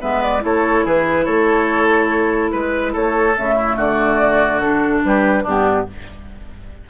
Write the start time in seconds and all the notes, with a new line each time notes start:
0.00 G#3 B3 B4 E5
0.22 D5
0.40 A3 E4 A4 C#5
0.85 E3 G#4 B4
1.25 A3 A4 C#5
2.51 G#3 B4
2.92 A3 A4 C#5
3.36 C#3 A3 E5
3.55 E4
3.76 D3 F#4 D5
4.60 D4 A4
5.04 G3 G4 B4
5.43 G2 B3 D4 G4